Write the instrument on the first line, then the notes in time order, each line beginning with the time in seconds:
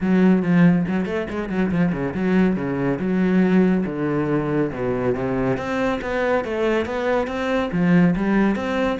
cello
0.01 F#3
0.42 F3
0.87 F#3
1.05 A3
1.30 G#3
1.49 F#3
1.71 F3
1.92 C#3
2.14 F#3
2.56 C#3
2.99 F#3
3.86 D3
4.71 B2
5.14 C3
5.57 C4
6.01 B3
6.44 A3
6.85 B3
7.27 C4
7.72 F3
8.16 G3
8.55 C4